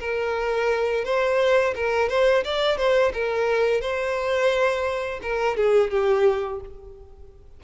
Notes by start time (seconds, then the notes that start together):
0.00 A#4
1.05 C5
1.76 A#4
2.09 C5
2.45 D5
2.77 C5
3.13 A#4
3.81 C5
5.23 A#4
5.57 G#4
5.91 G4